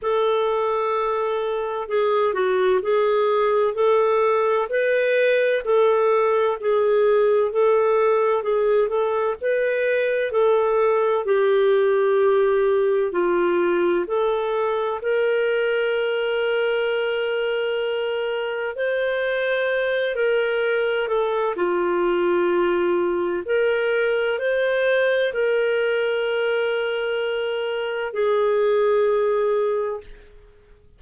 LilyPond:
\new Staff \with { instrumentName = "clarinet" } { \time 4/4 \tempo 4 = 64 a'2 gis'8 fis'8 gis'4 | a'4 b'4 a'4 gis'4 | a'4 gis'8 a'8 b'4 a'4 | g'2 f'4 a'4 |
ais'1 | c''4. ais'4 a'8 f'4~ | f'4 ais'4 c''4 ais'4~ | ais'2 gis'2 | }